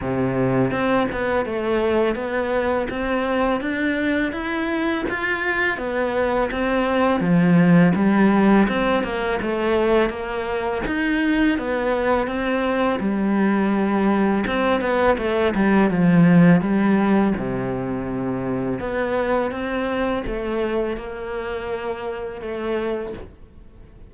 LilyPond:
\new Staff \with { instrumentName = "cello" } { \time 4/4 \tempo 4 = 83 c4 c'8 b8 a4 b4 | c'4 d'4 e'4 f'4 | b4 c'4 f4 g4 | c'8 ais8 a4 ais4 dis'4 |
b4 c'4 g2 | c'8 b8 a8 g8 f4 g4 | c2 b4 c'4 | a4 ais2 a4 | }